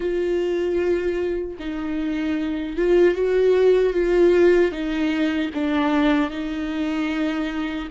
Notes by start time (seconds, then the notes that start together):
0.00 F4
1.59 D#4
2.76 F4
3.14 F#4
3.93 F4
4.71 D#4
5.54 D4
6.30 D#4